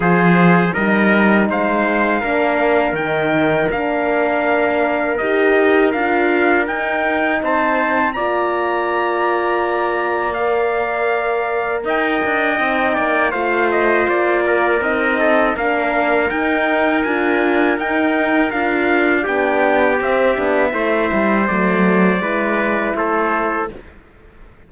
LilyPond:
<<
  \new Staff \with { instrumentName = "trumpet" } { \time 4/4 \tempo 4 = 81 c''4 dis''4 f''2 | g''4 f''2 dis''4 | f''4 g''4 a''4 ais''4~ | ais''2 f''2 |
g''2 f''8 dis''8 d''4 | dis''4 f''4 g''4 gis''4 | g''4 f''4 g''4 e''4~ | e''4 d''2 c''4 | }
  \new Staff \with { instrumentName = "trumpet" } { \time 4/4 gis'4 ais'4 c''4 ais'4~ | ais'1~ | ais'2 c''4 d''4~ | d''1 |
dis''4. d''8 c''4. ais'8~ | ais'8 a'8 ais'2.~ | ais'2 g'2 | c''2 b'4 a'4 | }
  \new Staff \with { instrumentName = "horn" } { \time 4/4 f'4 dis'2 d'4 | dis'4 d'2 g'4 | f'4 dis'2 f'4~ | f'2 ais'2~ |
ais'4 dis'4 f'2 | dis'4 d'4 dis'4 f'4 | dis'4 f'4 d'4 c'8 d'8 | e'4 a4 e'2 | }
  \new Staff \with { instrumentName = "cello" } { \time 4/4 f4 g4 gis4 ais4 | dis4 ais2 dis'4 | d'4 dis'4 c'4 ais4~ | ais1 |
dis'8 d'8 c'8 ais8 a4 ais4 | c'4 ais4 dis'4 d'4 | dis'4 d'4 b4 c'8 b8 | a8 g8 fis4 gis4 a4 | }
>>